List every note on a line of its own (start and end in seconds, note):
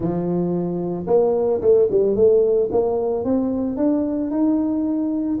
0.00 1.05 F3
1.06 1.60 A#3
1.61 1.88 A3
1.90 2.15 G3
2.15 2.69 A3
2.71 3.24 A#3
3.24 3.77 C4
3.77 4.30 D4
4.30 5.39 D#4